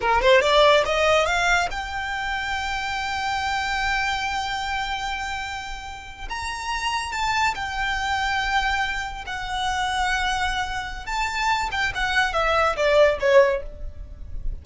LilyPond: \new Staff \with { instrumentName = "violin" } { \time 4/4 \tempo 4 = 141 ais'8 c''8 d''4 dis''4 f''4 | g''1~ | g''1~ | g''2~ g''8. ais''4~ ais''16~ |
ais''8. a''4 g''2~ g''16~ | g''4.~ g''16 fis''2~ fis''16~ | fis''2 a''4. g''8 | fis''4 e''4 d''4 cis''4 | }